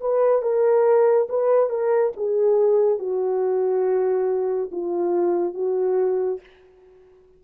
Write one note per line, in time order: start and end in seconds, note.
0.00 0.42 B4
0.42 1.27 A#4
1.29 1.69 B4
1.69 2.12 A#4
2.16 2.98 G#4
2.98 4.70 F#4
4.71 5.54 F4
5.54 6.39 F#4